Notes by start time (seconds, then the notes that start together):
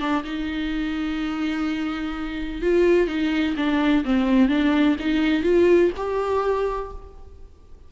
0.00 D4
0.24 D#4
2.62 F4
3.08 D#4
3.57 D4
4.05 C4
4.49 D4
5.00 D#4
5.43 F4
5.97 G4